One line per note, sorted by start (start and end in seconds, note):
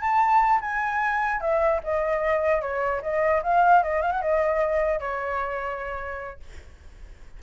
0.00 0.60 A5
0.61 1.40 G#5
1.40 1.80 E5
1.83 2.61 D#5
2.61 3.01 C#5
3.02 3.42 D#5
3.43 3.83 F5
3.83 4.01 D#5
4.01 4.11 F5
4.11 4.21 F#5
4.21 4.99 D#5
4.99 6.39 C#5